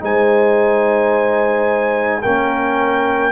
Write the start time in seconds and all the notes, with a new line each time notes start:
0.00 G#3 D#4 C5 G#5
2.22 A#3 C#4 A#4 G5